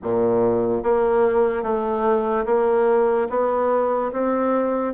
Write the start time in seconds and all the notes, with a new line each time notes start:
0.02 A#2
0.83 A#3
1.63 A3
2.45 A#3
3.29 B3
4.12 C4